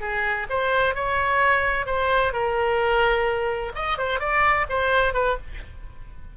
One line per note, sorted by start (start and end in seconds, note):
0.00 0.47 G#4
0.49 0.95 C5
0.95 1.86 C#5
1.86 2.32 C5
2.32 3.72 A#4
3.75 3.98 D#5
3.98 4.19 C5
4.19 4.66 D5
4.69 5.14 C5
5.14 5.37 B4